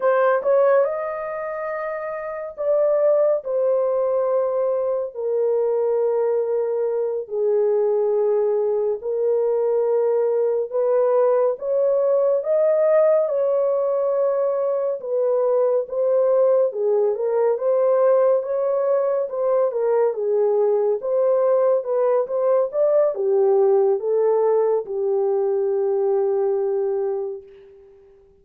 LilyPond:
\new Staff \with { instrumentName = "horn" } { \time 4/4 \tempo 4 = 70 c''8 cis''8 dis''2 d''4 | c''2 ais'2~ | ais'8 gis'2 ais'4.~ | ais'8 b'4 cis''4 dis''4 cis''8~ |
cis''4. b'4 c''4 gis'8 | ais'8 c''4 cis''4 c''8 ais'8 gis'8~ | gis'8 c''4 b'8 c''8 d''8 g'4 | a'4 g'2. | }